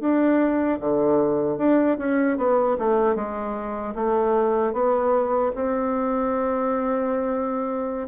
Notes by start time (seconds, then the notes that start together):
0.00 D4
0.80 D3
1.58 D4
1.98 C#4
2.37 B3
2.78 A3
3.15 G#3
3.95 A3
4.73 B3
5.54 C4